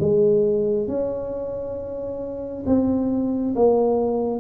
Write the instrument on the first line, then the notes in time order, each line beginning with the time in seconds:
tuba
0.00 G#3
0.88 C#4
2.66 C4
3.55 A#3